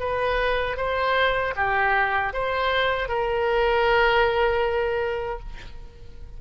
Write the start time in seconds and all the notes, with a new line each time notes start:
0.00 B4
0.77 C5
1.56 G4
2.33 C5
3.09 A#4